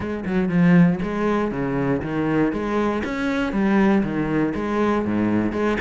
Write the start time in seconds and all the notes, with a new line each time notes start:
0.00 G#3
0.25 F#3
0.48 F3
1.02 G#3
1.51 C#3
2.02 D#3
2.52 G#3
3.04 C#4
3.52 G3
4.03 D#3
4.54 G#3
5.05 G#2
5.52 G#3